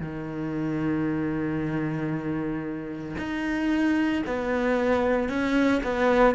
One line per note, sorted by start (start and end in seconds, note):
0.00 3.16 D#3
3.18 4.23 D#4
4.26 5.29 B3
5.29 5.82 C#4
5.83 6.35 B3